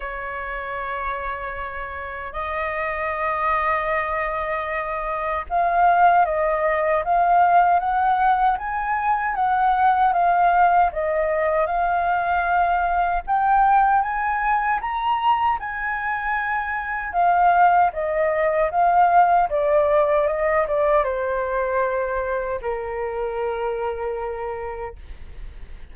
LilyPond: \new Staff \with { instrumentName = "flute" } { \time 4/4 \tempo 4 = 77 cis''2. dis''4~ | dis''2. f''4 | dis''4 f''4 fis''4 gis''4 | fis''4 f''4 dis''4 f''4~ |
f''4 g''4 gis''4 ais''4 | gis''2 f''4 dis''4 | f''4 d''4 dis''8 d''8 c''4~ | c''4 ais'2. | }